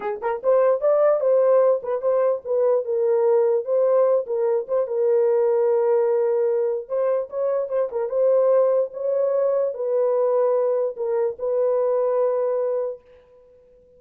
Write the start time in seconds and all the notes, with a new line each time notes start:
0.00 G#4
0.21 A#4
0.43 C5
0.81 D5
1.20 C5
1.82 B4
2.01 C5
2.45 B4
2.85 A#4
3.64 C5
4.26 A#4
4.68 C5
4.87 A#4
6.88 C5
7.29 C#5
7.68 C5
7.91 A#4
8.09 C5
8.93 C#5
9.74 B4
10.96 A#4
11.39 B4